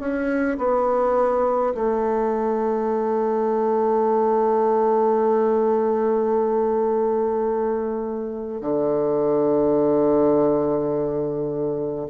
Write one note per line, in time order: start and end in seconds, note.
0.00 0.58 C#4
0.59 1.74 B3
1.75 8.62 A3
8.62 12.08 D3